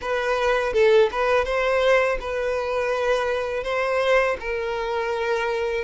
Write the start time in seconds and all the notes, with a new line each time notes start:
0.01 B4
0.73 A4
1.11 B4
1.45 C5
2.20 B4
3.63 C5
4.40 A#4